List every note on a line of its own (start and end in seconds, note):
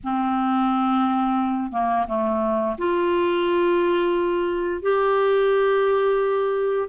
0.03 1.72 C4
1.72 2.06 A#3
2.07 2.76 A3
2.77 4.82 F4
4.82 6.88 G4